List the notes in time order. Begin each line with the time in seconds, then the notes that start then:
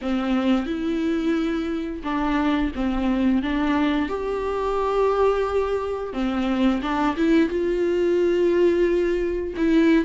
0.01 C4
0.65 E4
2.03 D4
2.75 C4
3.42 D4
4.08 G4
6.13 C4
6.82 D4
7.16 E4
7.49 F4
9.56 E4